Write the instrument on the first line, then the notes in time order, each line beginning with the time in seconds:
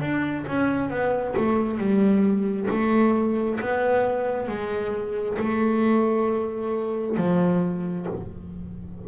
double bass
0.00 D4
0.47 C#4
0.90 B3
1.36 A3
1.78 G3
2.70 A3
3.60 B3
4.48 G#3
5.38 A3
7.17 F3